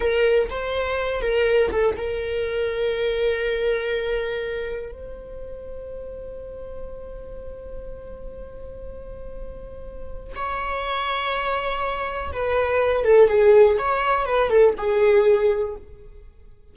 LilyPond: \new Staff \with { instrumentName = "viola" } { \time 4/4 \tempo 4 = 122 ais'4 c''4. ais'4 a'8 | ais'1~ | ais'2 c''2~ | c''1~ |
c''1~ | c''4 cis''2.~ | cis''4 b'4. a'8 gis'4 | cis''4 b'8 a'8 gis'2 | }